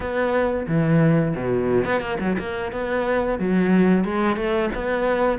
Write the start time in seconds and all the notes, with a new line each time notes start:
0.00 B3
0.67 E3
1.35 B2
1.84 B3
2.00 A#3
2.19 F#3
2.38 A#3
2.72 B3
3.39 F#3
4.04 G#3
4.36 A3
4.75 B3